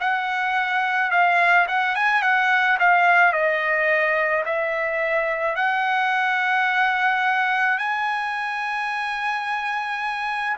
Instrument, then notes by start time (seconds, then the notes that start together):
trumpet
0.00 F#5
1.11 F5
1.68 F#5
1.95 G#5
2.22 F#5
2.79 F5
3.33 D#5
4.45 E5
5.56 F#5
7.78 G#5